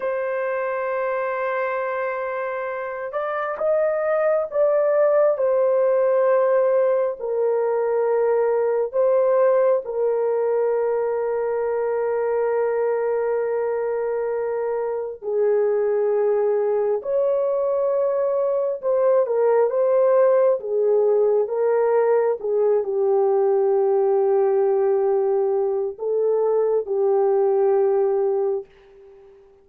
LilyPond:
\new Staff \with { instrumentName = "horn" } { \time 4/4 \tempo 4 = 67 c''2.~ c''8 d''8 | dis''4 d''4 c''2 | ais'2 c''4 ais'4~ | ais'1~ |
ais'4 gis'2 cis''4~ | cis''4 c''8 ais'8 c''4 gis'4 | ais'4 gis'8 g'2~ g'8~ | g'4 a'4 g'2 | }